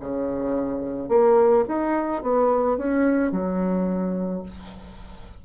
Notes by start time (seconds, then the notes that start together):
0.00 C#3
1.09 A#3
1.68 D#4
2.22 B3
2.77 C#4
3.31 F#3